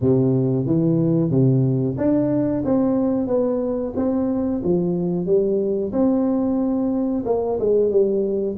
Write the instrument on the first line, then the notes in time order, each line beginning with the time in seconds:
tuba
0.01 C3
0.66 E3
1.30 C3
1.97 D4
2.64 C4
3.27 B3
3.96 C4
4.63 F3
5.26 G3
5.92 C4
7.25 A#3
7.59 G#3
7.90 G3